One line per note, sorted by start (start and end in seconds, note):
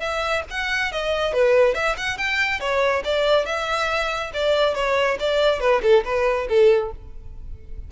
0.00 0.43 E5
0.51 0.92 F#5
0.92 1.34 D#5
1.34 1.75 B4
1.75 1.96 E5
1.98 2.18 F#5
2.18 2.60 G5
2.60 3.03 C#5
3.05 3.46 D5
3.46 4.31 E5
4.34 4.75 D5
4.75 5.18 C#5
5.20 5.60 D5
5.60 5.82 B4
5.83 6.04 A4
6.05 6.48 B4
6.49 6.92 A4